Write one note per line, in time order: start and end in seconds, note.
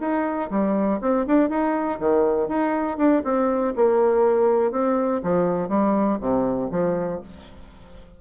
0.00 0.50 D#4
0.50 0.99 G3
1.01 1.26 C4
1.26 1.49 D4
1.49 1.99 D#4
1.99 2.48 D#3
2.48 2.97 D#4
2.97 3.22 D4
3.24 3.73 C4
3.76 4.71 A#3
4.71 5.21 C4
5.23 5.68 F3
5.68 6.18 G3
6.21 6.70 C3
6.71 7.20 F3